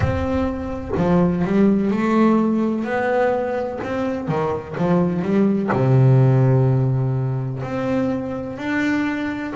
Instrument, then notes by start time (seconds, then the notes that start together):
double bass
0.00 C4
0.97 F3
1.44 G3
1.90 A3
2.84 B3
3.83 C4
4.28 D#3
4.77 F3
5.22 G3
5.72 C3
7.62 C4
8.58 D4